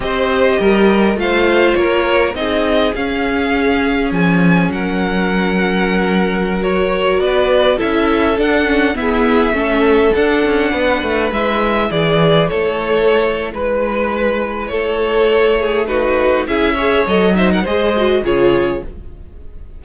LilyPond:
<<
  \new Staff \with { instrumentName = "violin" } { \time 4/4 \tempo 4 = 102 dis''2 f''4 cis''4 | dis''4 f''2 gis''4 | fis''2.~ fis''16 cis''8.~ | cis''16 d''4 e''4 fis''4 e''8.~ |
e''4~ e''16 fis''2 e''8.~ | e''16 d''4 cis''4.~ cis''16 b'4~ | b'4 cis''2 b'4 | e''4 dis''8 e''16 fis''16 dis''4 cis''4 | }
  \new Staff \with { instrumentName = "violin" } { \time 4/4 c''4 ais'4 c''4 ais'4 | gis'1 | ais'1~ | ais'16 b'4 a'2 gis'8.~ |
gis'16 a'2 b'4.~ b'16~ | b'16 gis'4 a'4.~ a'16 b'4~ | b'4 a'4. gis'8 fis'4 | gis'8 cis''4 c''16 ais'16 c''4 gis'4 | }
  \new Staff \with { instrumentName = "viola" } { \time 4/4 g'2 f'2 | dis'4 cis'2.~ | cis'2.~ cis'16 fis'8.~ | fis'4~ fis'16 e'4 d'8 cis'8 b8.~ |
b16 cis'4 d'2 e'8.~ | e'1~ | e'2. dis'4 | e'8 gis'8 a'8 dis'8 gis'8 fis'8 f'4 | }
  \new Staff \with { instrumentName = "cello" } { \time 4/4 c'4 g4 a4 ais4 | c'4 cis'2 f4 | fis1~ | fis16 b4 cis'4 d'4 e'8.~ |
e'16 a4 d'8 cis'8 b8 a8 gis8.~ | gis16 e4 a4.~ a16 gis4~ | gis4 a2. | cis'4 fis4 gis4 cis4 | }
>>